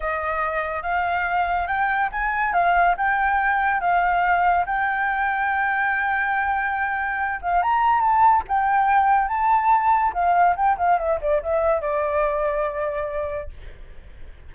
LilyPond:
\new Staff \with { instrumentName = "flute" } { \time 4/4 \tempo 4 = 142 dis''2 f''2 | g''4 gis''4 f''4 g''4~ | g''4 f''2 g''4~ | g''1~ |
g''4. f''8 ais''4 a''4 | g''2 a''2 | f''4 g''8 f''8 e''8 d''8 e''4 | d''1 | }